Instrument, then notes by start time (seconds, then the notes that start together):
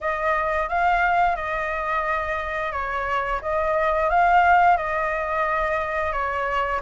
flute
0.00 D#5
0.68 F5
1.35 D#5
2.72 C#5
3.41 D#5
4.09 F5
4.77 D#5
6.12 C#5